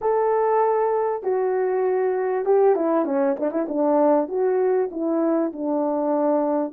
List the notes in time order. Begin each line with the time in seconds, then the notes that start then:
0.01 A4
1.23 F#4
2.45 G4
2.75 E4
3.05 C#4
3.39 D4
3.51 E4
3.68 D4
4.28 F#4
4.91 E4
5.52 D4